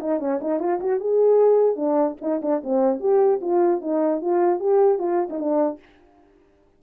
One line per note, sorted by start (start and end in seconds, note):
0.00 0.19 D#4
0.19 0.39 C#4
0.41 0.59 D#4
0.59 0.79 F4
0.80 1.00 F#4
1.00 1.76 G#4
1.76 2.16 D4
2.21 2.41 D#4
2.42 2.62 D4
2.63 3.00 C4
3.00 3.40 G4
3.41 3.81 F4
3.81 4.21 D#4
4.21 4.59 F4
4.59 4.99 G4
4.99 5.29 F4
5.30 5.39 D#4
5.39 5.79 D4